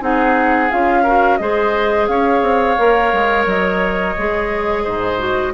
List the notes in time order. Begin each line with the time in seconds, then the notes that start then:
0.00 C4 D#4 G#4 F#5
0.70 C#4 F4 F5
1.03 F#4 A#4
1.36 G#3 G#4 C5 D#5
2.07 C#4 C#5 F5
2.41 C4
2.77 A#3 A#4
3.12 G#3
3.45 F#3 D#5
4.18 G#3 G#4
4.83 G#2 C5
5.18 F#4